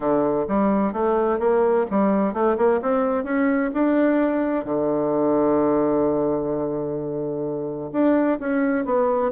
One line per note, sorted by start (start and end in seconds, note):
0.00 0.45 D3
0.48 0.92 G3
0.92 1.39 A3
1.39 1.85 A#3
1.90 2.33 G3
2.33 2.56 A3
2.57 2.80 A#3
2.82 3.24 C4
3.24 3.70 C#4
3.73 4.64 D4
4.64 7.90 D3
7.92 8.38 D4
8.39 8.85 C#4
8.85 9.31 B3